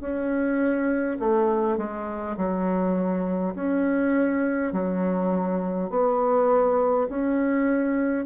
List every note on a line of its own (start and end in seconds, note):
0.00 1.18 C#4
1.19 1.77 A3
1.77 2.36 G#3
2.36 3.54 F#3
3.55 4.72 C#4
4.72 5.89 F#3
5.89 7.07 B3
7.09 8.25 C#4